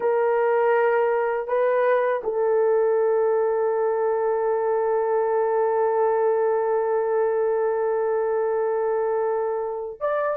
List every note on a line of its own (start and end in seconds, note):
0.00 1.47 A#4
1.47 2.22 B4
2.23 10.00 A4
10.00 10.36 D5